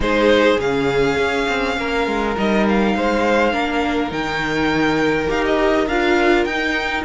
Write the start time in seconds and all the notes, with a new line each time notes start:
0.00 G#3 D#4 G#4 C5
0.58 C#3 C#4 F5
1.17 C#4
1.48 C4
1.77 A#3 A#4
2.06 G#3
2.36 G3 D#4 D#5
2.68 F5
2.95 G#3 C5
3.52 A#3 D4 A#4
4.09 D#3 D#4 G5
5.27 D#4 G4 F5
5.45 D#5
5.87 D4 F4 F5
6.44 D#4 G5